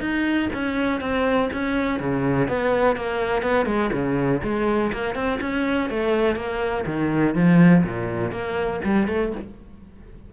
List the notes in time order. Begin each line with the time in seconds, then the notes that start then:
0.00 D#4
0.53 C#4
1.00 C4
1.53 C#4
2.00 C#3
2.48 B3
2.96 A#3
3.42 B3
3.66 G#3
3.92 C#3
4.43 G#3
4.92 A#3
5.15 C4
5.41 C#4
5.89 A3
6.36 A#3
6.86 D#3
7.35 F3
7.84 A#2
8.31 A#3
8.84 G3
9.08 A3